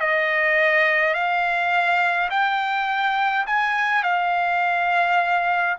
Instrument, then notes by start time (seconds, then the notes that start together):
trumpet
0.00 D#5
1.14 F5
2.30 G5
3.46 G#5
4.03 F5